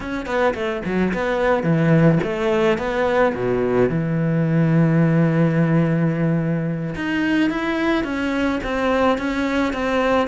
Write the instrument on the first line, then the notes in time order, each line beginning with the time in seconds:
cello
0.00 C#4
0.26 B3
0.54 A3
0.85 F#3
1.13 B3
1.63 E3
2.23 A3
2.78 B3
3.34 B2
3.89 E3
6.95 D#4
7.50 E4
8.04 C#4
8.63 C4
9.18 C#4
9.73 C4